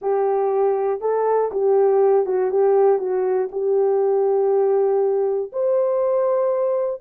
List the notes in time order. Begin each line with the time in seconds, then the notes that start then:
0.01 G4
1.00 A4
1.51 G4
2.26 F#4
2.50 G4
2.98 F#4
3.51 G4
5.52 C5